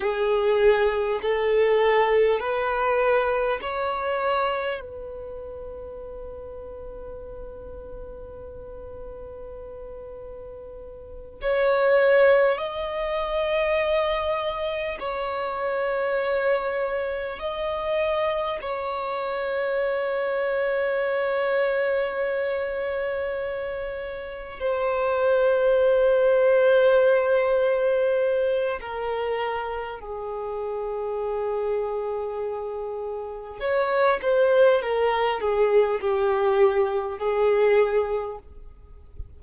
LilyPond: \new Staff \with { instrumentName = "violin" } { \time 4/4 \tempo 4 = 50 gis'4 a'4 b'4 cis''4 | b'1~ | b'4. cis''4 dis''4.~ | dis''8 cis''2 dis''4 cis''8~ |
cis''1~ | cis''8 c''2.~ c''8 | ais'4 gis'2. | cis''8 c''8 ais'8 gis'8 g'4 gis'4 | }